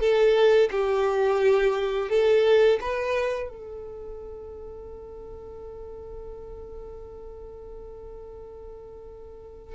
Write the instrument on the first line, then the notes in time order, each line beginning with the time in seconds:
violin
0.00 A4
0.71 G4
2.09 A4
2.81 B4
3.49 A4